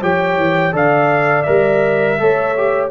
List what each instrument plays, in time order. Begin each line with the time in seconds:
0.00 tuba F3, trombone G4, horn C#5, trumpet G5
0.37 tuba E3
0.72 tuba D3, trombone A4, horn D5, trumpet F5
1.42 tuba G3, trombone A#4, trumpet E5
2.18 tuba A3, trombone A4, horn C#5
2.57 trombone G4